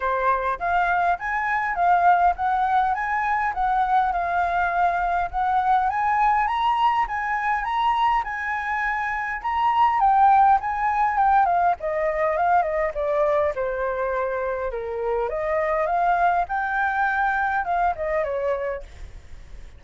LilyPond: \new Staff \with { instrumentName = "flute" } { \time 4/4 \tempo 4 = 102 c''4 f''4 gis''4 f''4 | fis''4 gis''4 fis''4 f''4~ | f''4 fis''4 gis''4 ais''4 | gis''4 ais''4 gis''2 |
ais''4 g''4 gis''4 g''8 f''8 | dis''4 f''8 dis''8 d''4 c''4~ | c''4 ais'4 dis''4 f''4 | g''2 f''8 dis''8 cis''4 | }